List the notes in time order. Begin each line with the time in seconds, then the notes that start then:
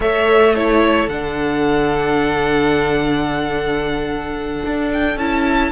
0.00 A3 A4 C#5 E5
0.54 E4 A4 C#5
1.08 D3 D4 F#5
4.66 D4
4.93 G5
5.16 C#4 E4 A5